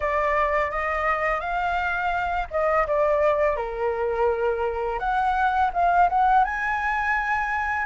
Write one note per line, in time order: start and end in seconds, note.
0.00 0.70 D5
0.70 1.40 D#5
1.40 2.47 F5
2.50 2.86 D#5
2.86 3.56 D5
3.56 4.99 A#4
4.99 5.70 F#5
5.73 6.08 F5
6.09 6.44 F#5
6.44 7.86 G#5